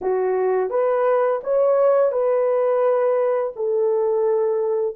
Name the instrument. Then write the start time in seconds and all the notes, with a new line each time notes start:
horn
0.01 F#4
0.70 B4
1.43 C#5
2.12 B4
3.56 A4